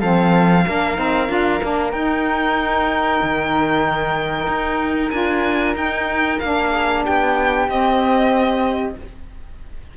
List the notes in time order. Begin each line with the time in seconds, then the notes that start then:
0.00 F3 C4 A4 F5
0.66 A#3 D4 A#4
0.96 C4 D#4
1.28 D4 F4
1.61 A#3 D4
1.91 D#4 G5
3.22 D#3
4.47 D#4
5.10 D4 F4 G#5
5.74 D#4 G5
6.39 A#3 D4 F5
6.71 G#4
7.04 B3 G4 G5
7.68 C4 D#5